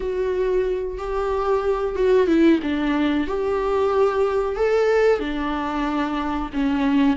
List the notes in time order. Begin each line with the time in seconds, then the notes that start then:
0.00 F#4
0.98 G4
1.95 F#4
2.27 E4
2.62 D4
3.27 G4
4.56 A4
5.19 D4
6.53 C#4